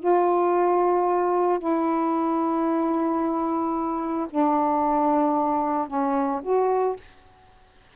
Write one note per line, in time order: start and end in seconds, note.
0.00 1.60 F4
1.60 4.28 E4
4.31 5.88 D4
5.88 6.42 C#4
6.43 6.97 F#4